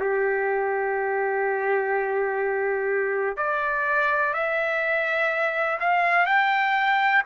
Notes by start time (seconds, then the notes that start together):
0.00 G4
3.37 D5
4.34 E5
5.81 F5
6.26 G5